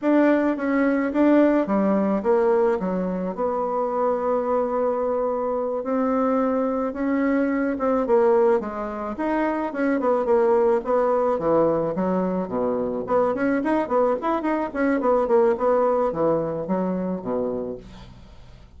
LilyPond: \new Staff \with { instrumentName = "bassoon" } { \time 4/4 \tempo 4 = 108 d'4 cis'4 d'4 g4 | ais4 fis4 b2~ | b2~ b8 c'4.~ | c'8 cis'4. c'8 ais4 gis8~ |
gis8 dis'4 cis'8 b8 ais4 b8~ | b8 e4 fis4 b,4 b8 | cis'8 dis'8 b8 e'8 dis'8 cis'8 b8 ais8 | b4 e4 fis4 b,4 | }